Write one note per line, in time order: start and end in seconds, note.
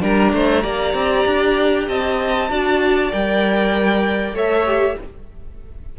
0.00 0.33 G3
0.00 0.62 D4
0.00 0.32 A#4
0.00 1.88 A#5
0.33 0.64 A3
0.33 0.62 C5
0.62 0.94 A#3
0.62 2.48 G4
0.62 1.86 D5
0.94 1.24 C4
1.26 1.87 D4
1.87 2.49 C4
1.87 2.50 D#5
1.87 3.12 A5
2.49 3.11 D4
2.49 3.11 F#4
2.49 4.35 D5
3.12 4.33 G3
3.12 4.34 A#4
3.12 4.35 G5
4.33 4.95 A3
4.33 4.65 A4
4.33 4.96 C#5
4.33 4.98 E5
4.65 4.96 G4